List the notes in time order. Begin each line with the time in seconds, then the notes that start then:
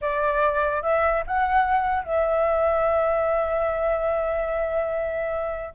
0.01 D5
0.82 E5
1.26 F#5
2.04 E5